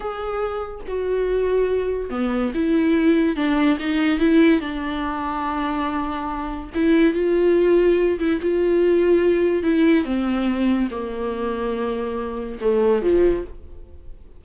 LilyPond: \new Staff \with { instrumentName = "viola" } { \time 4/4 \tempo 4 = 143 gis'2 fis'2~ | fis'4 b4 e'2 | d'4 dis'4 e'4 d'4~ | d'1 |
e'4 f'2~ f'8 e'8 | f'2. e'4 | c'2 ais2~ | ais2 a4 f4 | }